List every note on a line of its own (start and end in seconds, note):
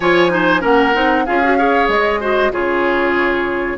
0.00 0.63 F3
0.00 0.29 F4
0.00 0.31 C#5
0.00 0.62 G#5
0.29 0.60 D#4
0.29 0.60 C5
0.60 0.95 A#3
0.60 0.91 C#4
0.60 1.24 A#4
0.60 1.25 F#5
0.94 1.26 C4
0.94 1.25 D#4
1.25 1.88 C#4
1.25 1.42 F4
1.25 1.57 G#4
1.25 1.88 F5
1.43 1.57 F#4
1.57 2.20 G#4
1.57 2.20 C#5
1.88 2.51 G#3
1.88 2.52 D#5
2.20 2.51 F#4
2.20 2.52 C5
2.51 3.77 C#3
2.51 3.77 F4
2.51 3.78 G#4
2.51 3.78 C#5